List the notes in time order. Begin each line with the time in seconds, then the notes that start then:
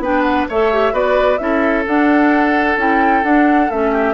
0.00 B3 D4 B4 G5
0.23 F#5
0.49 A3 A4 C#5 E5
0.73 G4
0.92 B3 F#4 B4 D5
1.38 C#4 E4 A4 E5
1.87 D4 F#5
2.77 C#4 E4 G5
3.24 D4 F#5
3.70 A3 C#4 E5
3.92 G4